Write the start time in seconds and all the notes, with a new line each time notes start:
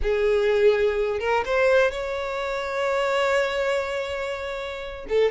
0.02 G#4
1.19 A#4
1.45 C5
1.91 C#5
5.08 A4